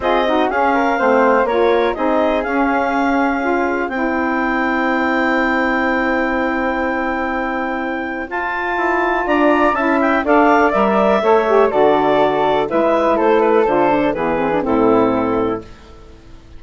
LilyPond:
<<
  \new Staff \with { instrumentName = "clarinet" } { \time 4/4 \tempo 4 = 123 dis''4 f''2 cis''4 | dis''4 f''2. | g''1~ | g''1~ |
g''4 a''2 ais''4 | a''8 g''8 f''4 e''2 | d''2 e''4 c''8 b'8 | c''4 b'4 a'2 | }
  \new Staff \with { instrumentName = "flute" } { \time 4/4 gis'8 fis'8 gis'8 ais'8 c''4 ais'4 | gis'1 | c''1~ | c''1~ |
c''2. d''4 | e''4 d''2 cis''4 | a'2 b'4 a'4~ | a'4 gis'4 e'2 | }
  \new Staff \with { instrumentName = "saxophone" } { \time 4/4 f'8 dis'8 cis'4 c'4 f'4 | dis'4 cis'2 f'4 | e'1~ | e'1~ |
e'4 f'2. | e'4 a'4 ais'4 a'8 g'8 | fis'2 e'2 | f'8 d'8 b8 c'16 d'16 c'2 | }
  \new Staff \with { instrumentName = "bassoon" } { \time 4/4 c'4 cis'4 a4 ais4 | c'4 cis'2. | c'1~ | c'1~ |
c'4 f'4 e'4 d'4 | cis'4 d'4 g4 a4 | d2 gis4 a4 | d4 e4 a,2 | }
>>